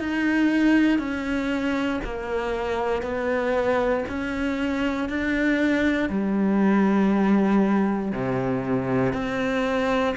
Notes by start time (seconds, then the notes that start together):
0.00 D#4
0.98 C#4
2.04 A#3
3.02 B3
4.09 C#4
5.09 D4
6.09 G3
8.12 C3
9.13 C4